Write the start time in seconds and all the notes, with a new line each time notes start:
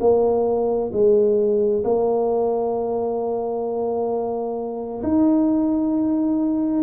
0.00 A#3
0.93 G#3
1.84 A#3
5.03 D#4